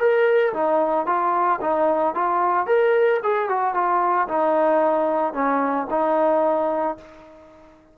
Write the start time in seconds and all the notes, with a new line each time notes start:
0.00 A#4
0.54 D#4
1.07 F4
1.61 D#4
2.15 F4
2.67 A#4
3.23 G#4
3.49 F#4
3.75 F4
4.29 D#4
5.34 C#4
5.91 D#4